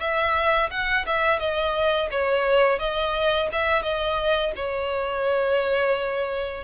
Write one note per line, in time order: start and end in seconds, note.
0.00 0.70 E5
0.71 1.06 F#5
1.06 1.39 E5
1.39 2.09 D#5
2.11 2.79 C#5
2.79 3.49 D#5
3.52 3.82 E5
3.82 4.52 D#5
4.56 6.64 C#5